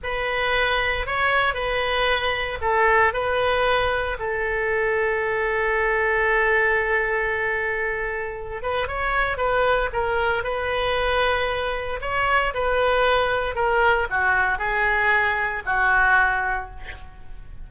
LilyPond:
\new Staff \with { instrumentName = "oboe" } { \time 4/4 \tempo 4 = 115 b'2 cis''4 b'4~ | b'4 a'4 b'2 | a'1~ | a'1~ |
a'8 b'8 cis''4 b'4 ais'4 | b'2. cis''4 | b'2 ais'4 fis'4 | gis'2 fis'2 | }